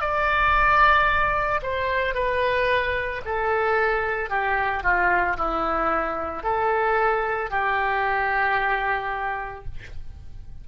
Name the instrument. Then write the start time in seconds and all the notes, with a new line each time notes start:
oboe
0.00 D5
1.62 C5
2.14 B4
3.25 A4
4.30 G4
4.83 F4
5.37 E4
6.43 A4
7.50 G4